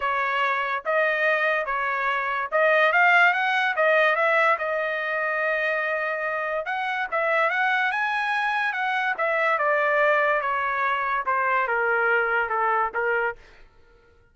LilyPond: \new Staff \with { instrumentName = "trumpet" } { \time 4/4 \tempo 4 = 144 cis''2 dis''2 | cis''2 dis''4 f''4 | fis''4 dis''4 e''4 dis''4~ | dis''1 |
fis''4 e''4 fis''4 gis''4~ | gis''4 fis''4 e''4 d''4~ | d''4 cis''2 c''4 | ais'2 a'4 ais'4 | }